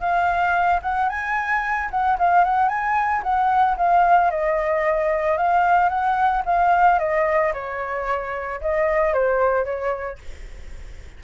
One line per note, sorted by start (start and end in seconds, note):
0.00 0.80 F5
0.82 1.09 F#5
1.09 1.89 G#5
1.90 2.17 F#5
2.18 2.44 F5
2.44 2.69 F#5
2.69 3.22 G#5
3.23 3.77 F#5
3.77 4.31 F5
4.31 5.37 D#5
5.37 5.89 F5
5.89 6.42 F#5
6.45 6.99 F5
6.99 7.53 D#5
7.53 8.60 C#5
8.61 9.13 D#5
9.13 9.64 C5
9.64 10.18 C#5